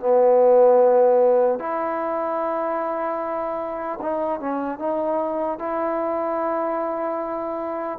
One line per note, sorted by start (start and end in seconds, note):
0.00 1.59 B3
1.59 3.99 E4
4.02 4.40 D#4
4.40 4.79 C#4
4.79 5.59 D#4
5.59 7.99 E4